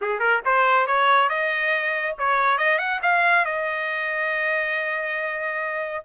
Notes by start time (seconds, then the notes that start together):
0.01 G#4
0.19 A#4
0.45 C5
0.86 C#5
1.29 D#5
2.18 C#5
2.58 D#5
2.78 F#5
3.02 F5
3.45 D#5